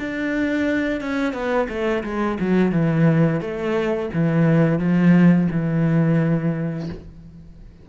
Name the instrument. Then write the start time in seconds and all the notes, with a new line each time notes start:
cello
0.00 D4
1.01 C#4
1.34 B3
1.69 A3
2.04 G#3
2.41 F#3
2.72 E3
3.41 A3
4.14 E3
4.79 F3
5.52 E3